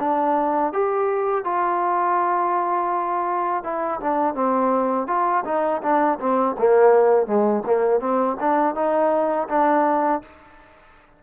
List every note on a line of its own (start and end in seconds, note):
0.00 0.73 D4
0.74 1.45 G4
1.45 3.64 F4
3.64 4.00 E4
4.01 4.35 D4
4.35 5.08 C4
5.08 5.44 F4
5.45 5.82 D#4
5.83 6.19 D4
6.20 6.57 C4
6.59 7.27 A#3
7.27 7.64 G#3
7.67 8.01 A#3
8.01 8.37 C4
8.40 8.75 D4
8.75 9.49 D#4
9.50 10.23 D4